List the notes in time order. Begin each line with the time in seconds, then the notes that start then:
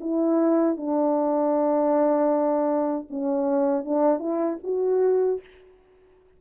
0.00 E4
0.77 D4
3.10 C#4
3.85 D4
4.19 E4
4.64 F#4